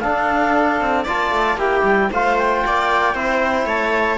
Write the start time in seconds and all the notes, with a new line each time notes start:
0.00 D4 A4 F5
0.81 C4
1.04 A#3 F4 D5 A5
1.32 A3
1.56 A#3 E4 G4 G5
1.84 G3
2.12 A3 F4 C5 F5
2.38 G5
2.66 A#3 D5
3.15 C4 E4 C5
3.65 A3 C#5 A5